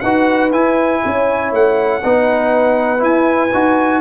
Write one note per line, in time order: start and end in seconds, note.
0.00 0.52 D#4
0.00 0.52 F#4
0.00 1.02 B4
0.00 0.50 F#5
0.52 2.02 E4
0.52 1.02 E4
0.52 1.52 G#5
1.03 1.52 C#4
1.03 2.03 C#5
1.52 2.02 A3
1.52 3.03 F#5
2.03 3.02 B3
2.03 2.98 D#4
2.03 4.00 B4
2.98 3.48 E4
2.98 3.52 E4
2.98 4.00 G#5
3.53 4.00 D#4
3.53 4.00 F#4